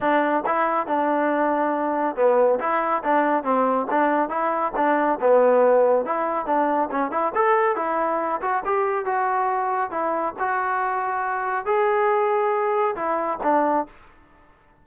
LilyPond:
\new Staff \with { instrumentName = "trombone" } { \time 4/4 \tempo 4 = 139 d'4 e'4 d'2~ | d'4 b4 e'4 d'4 | c'4 d'4 e'4 d'4 | b2 e'4 d'4 |
cis'8 e'8 a'4 e'4. fis'8 | g'4 fis'2 e'4 | fis'2. gis'4~ | gis'2 e'4 d'4 | }